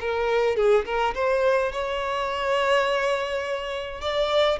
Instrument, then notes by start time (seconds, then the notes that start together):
violin
0.00 A#4
0.56 G#4
0.85 A#4
1.14 C5
1.72 C#5
4.01 D5